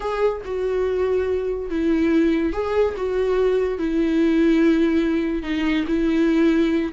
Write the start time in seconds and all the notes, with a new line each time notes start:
0.00 G#4
0.44 F#4
1.70 E4
2.52 G#4
2.96 F#4
3.78 E4
5.42 D#4
5.87 E4